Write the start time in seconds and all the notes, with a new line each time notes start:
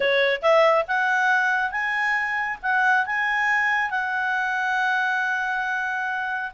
0.00 C#5
0.42 E5
0.87 F#5
1.71 G#5
2.62 F#5
3.06 G#5
3.90 F#5